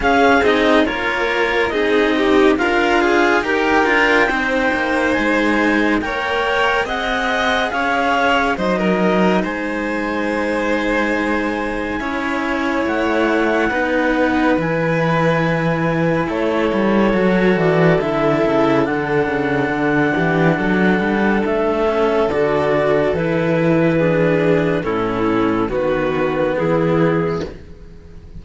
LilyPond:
<<
  \new Staff \with { instrumentName = "clarinet" } { \time 4/4 \tempo 4 = 70 f''8 dis''8 cis''4 dis''4 f''4 | g''2 gis''4 g''4 | fis''4 f''4 dis''4 gis''4~ | gis''2. fis''4~ |
fis''4 gis''2 cis''4~ | cis''8 d''8 e''4 fis''2~ | fis''4 e''4 d''4 b'4~ | b'4 a'4 b'4 gis'4 | }
  \new Staff \with { instrumentName = "violin" } { \time 4/4 gis'4 ais'4 gis'8 g'8 f'4 | ais'4 c''2 cis''4 | dis''4 cis''4 c''16 ais'8. c''4~ | c''2 cis''2 |
b'2. a'4~ | a'2.~ a'8 g'8 | a'1 | gis'4 e'4 fis'4 e'4 | }
  \new Staff \with { instrumentName = "cello" } { \time 4/4 cis'8 dis'8 f'4 dis'4 ais'8 gis'8 | g'8 f'8 dis'2 ais'4 | gis'2 dis'2~ | dis'2 e'2 |
dis'4 e'2. | fis'4 e'4 d'2~ | d'4. cis'8 fis'4 e'4 | d'4 cis'4 b2 | }
  \new Staff \with { instrumentName = "cello" } { \time 4/4 cis'8 c'8 ais4 c'4 d'4 | dis'8 d'8 c'8 ais8 gis4 ais4 | c'4 cis'4 fis4 gis4~ | gis2 cis'4 a4 |
b4 e2 a8 g8 | fis8 e8 d8 cis8 d8 cis8 d8 e8 | fis8 g8 a4 d4 e4~ | e4 a,4 dis4 e4 | }
>>